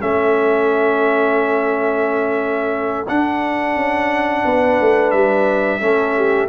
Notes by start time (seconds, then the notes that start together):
0.00 A3 C#4 A4 E5
3.08 D4 F#5
3.76 C#4
4.44 B3 B4
4.81 A3
5.11 G3 E5
5.81 A3 C#4 A4
6.17 G4